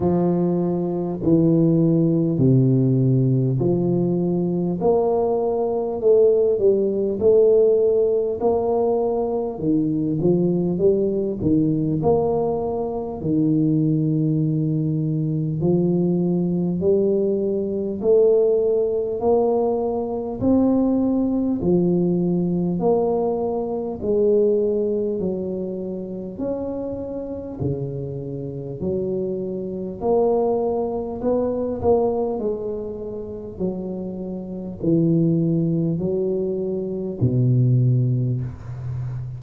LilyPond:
\new Staff \with { instrumentName = "tuba" } { \time 4/4 \tempo 4 = 50 f4 e4 c4 f4 | ais4 a8 g8 a4 ais4 | dis8 f8 g8 dis8 ais4 dis4~ | dis4 f4 g4 a4 |
ais4 c'4 f4 ais4 | gis4 fis4 cis'4 cis4 | fis4 ais4 b8 ais8 gis4 | fis4 e4 fis4 b,4 | }